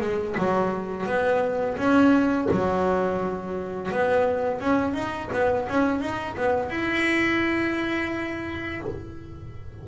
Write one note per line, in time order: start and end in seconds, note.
0.00 0.35 G#3
0.37 1.06 F#3
1.06 1.76 B3
1.77 2.48 C#4
2.51 3.91 F#3
3.91 4.60 B3
4.60 4.94 C#4
4.94 5.29 D#4
5.32 5.68 B3
5.69 6.00 C#4
6.00 6.36 D#4
6.37 6.69 B3
6.69 8.81 E4